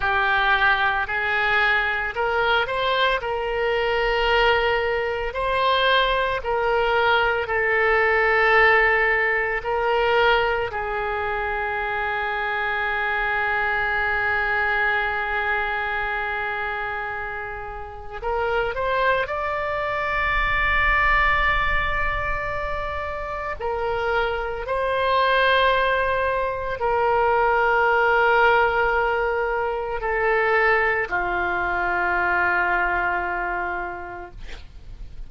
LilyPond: \new Staff \with { instrumentName = "oboe" } { \time 4/4 \tempo 4 = 56 g'4 gis'4 ais'8 c''8 ais'4~ | ais'4 c''4 ais'4 a'4~ | a'4 ais'4 gis'2~ | gis'1~ |
gis'4 ais'8 c''8 d''2~ | d''2 ais'4 c''4~ | c''4 ais'2. | a'4 f'2. | }